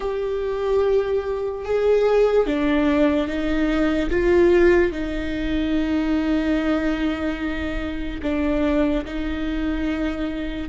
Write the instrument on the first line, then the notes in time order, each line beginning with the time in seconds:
viola
0.00 G4
1.64 G#4
2.46 D4
3.27 D#4
4.10 F4
4.92 D#4
8.22 D4
9.04 D#4